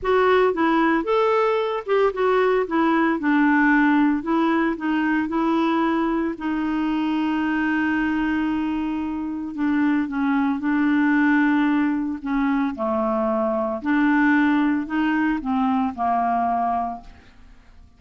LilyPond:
\new Staff \with { instrumentName = "clarinet" } { \time 4/4 \tempo 4 = 113 fis'4 e'4 a'4. g'8 | fis'4 e'4 d'2 | e'4 dis'4 e'2 | dis'1~ |
dis'2 d'4 cis'4 | d'2. cis'4 | a2 d'2 | dis'4 c'4 ais2 | }